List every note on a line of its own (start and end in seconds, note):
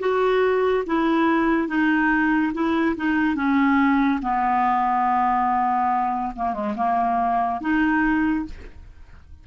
0.00 0.85 F#4
0.87 1.69 E4
1.69 2.53 D#4
2.54 2.96 E4
2.97 3.36 D#4
3.36 4.20 C#4
4.23 6.34 B3
6.36 6.54 A#3
6.54 6.75 G#3
6.77 7.61 A#3
7.61 8.46 D#4